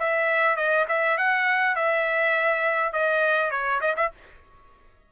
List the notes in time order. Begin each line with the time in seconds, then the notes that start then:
0.00 E5
0.56 D#5
0.89 E5
1.18 F#5
1.76 E5
2.93 D#5
3.51 C#5
3.81 D#5
3.97 E5